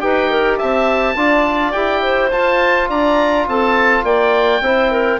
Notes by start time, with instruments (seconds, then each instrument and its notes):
0.00 bassoon D#4, trombone G4, clarinet B4, oboe G5
0.30 clarinet A#4
0.58 bassoon C4, clarinet E5, oboe A5
1.16 bassoon D4, trombone F4, clarinet D5
1.72 bassoon E4, trombone G4, oboe G5
2.03 clarinet C5
2.32 trombone F4, bassoon F4, oboe A5
2.89 bassoon D4, clarinet D5, oboe A#5
3.48 bassoon C4, clarinet A4, oboe A5
4.04 bassoon A#3, clarinet D5, oboe G5
4.61 bassoon C4, trombone E4, clarinet C5
4.92 clarinet A#4